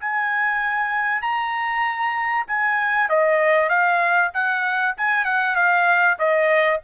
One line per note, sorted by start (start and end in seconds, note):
0.00 1.21 G#5
1.21 2.45 A#5
2.47 3.09 G#5
3.09 3.69 D#5
3.69 4.31 F5
4.33 4.95 F#5
4.97 5.24 G#5
5.24 5.55 F#5
5.55 6.17 F5
6.18 6.80 D#5